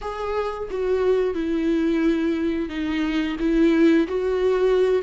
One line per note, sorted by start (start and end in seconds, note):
0.01 0.68 G#4
0.70 1.34 F#4
1.34 2.69 E4
2.69 3.36 D#4
3.39 4.07 E4
4.07 5.02 F#4